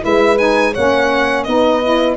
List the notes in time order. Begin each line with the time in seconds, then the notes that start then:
0.00 G#3 E4 B4 E5
0.37 D#4 G#5
0.73 A#3 C#4 C#5 F#5
1.43 B3 D#4 B4 D#5
1.83 E4